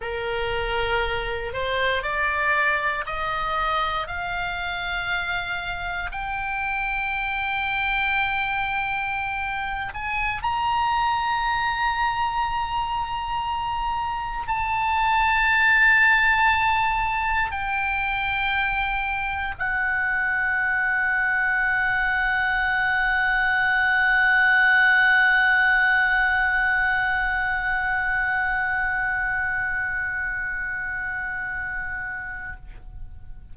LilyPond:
\new Staff \with { instrumentName = "oboe" } { \time 4/4 \tempo 4 = 59 ais'4. c''8 d''4 dis''4 | f''2 g''2~ | g''4.~ g''16 gis''8 ais''4.~ ais''16~ | ais''2~ ais''16 a''4.~ a''16~ |
a''4~ a''16 g''2 fis''8.~ | fis''1~ | fis''1~ | fis''1 | }